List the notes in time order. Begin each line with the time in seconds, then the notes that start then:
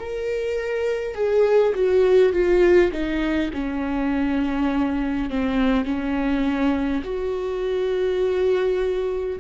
0.00 A#4
1.15 G#4
1.75 F#4
2.33 F4
2.93 D#4
3.54 C#4
5.30 C4
5.86 C#4
7.04 F#4